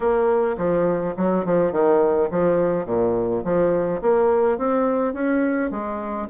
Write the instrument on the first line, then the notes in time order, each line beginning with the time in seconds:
bassoon
0.00 A#3
0.57 F3
1.16 F#3
1.45 F3
1.72 D#3
2.30 F3
2.85 A#2
3.44 F3
4.01 A#3
4.58 C4
5.13 C#4
5.70 G#3